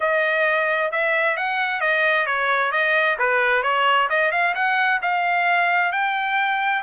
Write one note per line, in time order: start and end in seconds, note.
0.00 0.91 D#5
0.91 1.36 E5
1.36 1.81 F#5
1.81 2.26 D#5
2.26 2.71 C#5
2.71 3.17 D#5
3.18 3.62 B4
3.62 4.08 C#5
4.09 4.31 D#5
4.31 4.54 F5
4.55 5.00 F#5
5.01 5.92 F5
5.92 6.82 G5